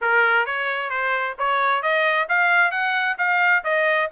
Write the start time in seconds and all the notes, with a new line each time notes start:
0.01 A#4
0.45 C#5
0.90 C5
1.38 C#5
1.82 D#5
2.29 F5
2.71 F#5
3.18 F5
3.64 D#5